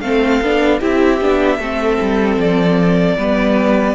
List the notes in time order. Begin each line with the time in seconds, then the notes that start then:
0.00 A3 C4 A4 F5
0.41 B3 D4
0.80 C4 E4 G4 E5
1.20 B3 D4
1.58 A3 C4 A4
2.01 G3
2.37 F3 D5
3.17 G3 B3 B4